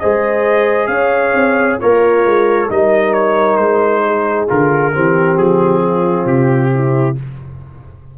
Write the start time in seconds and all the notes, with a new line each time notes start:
0.00 G#3 G#4 C5 D#5
0.87 C#4 C#5 F5
1.34 C4
1.79 A#3 F4 A#4 C#5
2.25 G#3
2.70 G3 D#4 A#4 D#5
3.14 C#5
3.57 G#3 C5
4.06 G#4
4.48 D3 F4 A#4
4.92 E3 C4 G4
5.38 F3 G#4
5.82 F4
6.26 C3 G4
6.74 E4